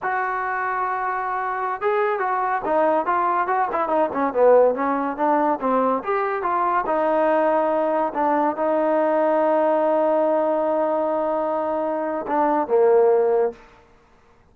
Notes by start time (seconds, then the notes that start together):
0.02 F#4
1.81 G#4
2.19 F#4
2.64 D#4
3.06 F4
3.47 F#4
3.72 E4
3.88 D#4
4.12 C#4
4.33 B3
4.74 C#4
5.16 D4
5.60 C4
6.03 G4
6.42 F4
6.86 D#4
8.14 D4
8.56 D#4
12.27 D4
12.67 A#3